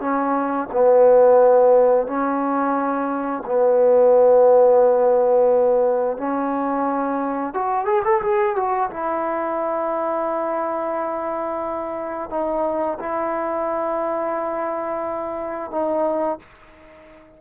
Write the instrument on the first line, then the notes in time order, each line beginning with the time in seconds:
trombone
0.00 C#4
0.72 B3
2.07 C#4
3.46 B3
6.17 C#4
7.54 F#4
7.85 G#4
8.04 A4
8.22 G#4
8.56 F#4
8.90 E4
12.30 D#4
12.99 E4
15.71 D#4